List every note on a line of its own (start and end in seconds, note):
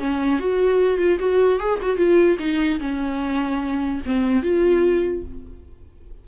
0.00 0.40 C#4
0.40 0.99 F#4
0.99 1.19 F4
1.19 1.60 F#4
1.60 1.80 G#4
1.82 1.97 F#4
1.97 2.38 F4
2.39 2.80 D#4
2.80 4.02 C#4
4.07 4.43 C4
4.43 5.24 F4